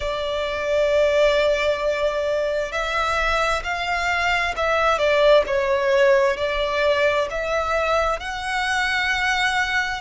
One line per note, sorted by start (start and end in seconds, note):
0.00 2.71 D5
2.71 3.62 E5
3.63 4.54 F5
4.56 4.98 E5
4.98 5.43 D5
5.46 6.36 C#5
6.36 7.27 D5
7.30 8.19 E5
8.19 10.01 F#5